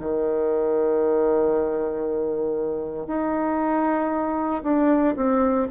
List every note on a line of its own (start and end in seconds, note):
0.00 3.07 D#3
3.07 4.62 D#4
4.63 5.15 D4
5.16 5.68 C4